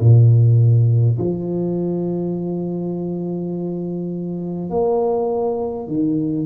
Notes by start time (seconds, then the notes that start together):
0.00 A#2
1.18 F3
4.70 A#3
5.88 D#3